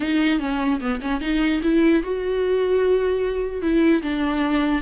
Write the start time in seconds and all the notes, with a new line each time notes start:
0.00 D#4
0.39 C#4
0.80 B3
1.01 C#4
1.20 D#4
1.63 E4
2.02 F#4
3.61 E4
4.02 D4